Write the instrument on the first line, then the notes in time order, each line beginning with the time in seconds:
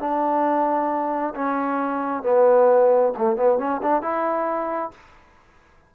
trombone
0.00 D4
1.35 C#4
2.23 B3
3.18 A3
3.37 B3
3.59 C#4
3.83 D4
4.02 E4